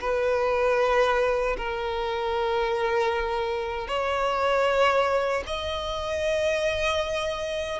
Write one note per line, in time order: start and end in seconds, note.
0.00 1.56 B4
1.57 3.87 A#4
3.87 5.43 C#5
5.46 7.79 D#5